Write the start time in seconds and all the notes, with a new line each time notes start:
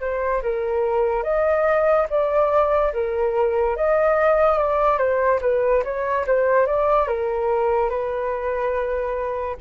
0.00 C5
0.42 A#4
1.23 D#5
2.09 D5
2.93 A#4
3.76 D#5
4.58 D5
4.97 C5
5.41 B4
5.83 C#5
6.27 C5
6.66 D5
7.07 A#4
7.89 B4